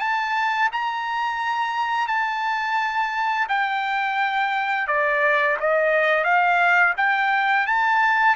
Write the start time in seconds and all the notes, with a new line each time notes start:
0.00 A5
0.73 A#5
2.08 A5
3.49 G5
4.88 D5
5.60 D#5
6.25 F5
6.97 G5
7.67 A5